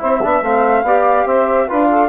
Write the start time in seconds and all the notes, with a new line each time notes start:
0.00 C4 E4 C5 E5
0.23 B3 D4 E5
0.42 A3 C4 F5
0.83 B3 G4 D5
1.26 C4 C5 E5
1.68 D4 F4 B4 F5
1.91 A4